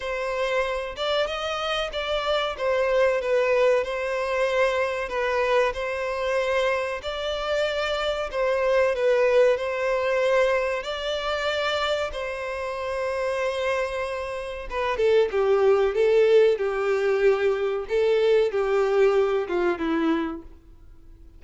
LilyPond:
\new Staff \with { instrumentName = "violin" } { \time 4/4 \tempo 4 = 94 c''4. d''8 dis''4 d''4 | c''4 b'4 c''2 | b'4 c''2 d''4~ | d''4 c''4 b'4 c''4~ |
c''4 d''2 c''4~ | c''2. b'8 a'8 | g'4 a'4 g'2 | a'4 g'4. f'8 e'4 | }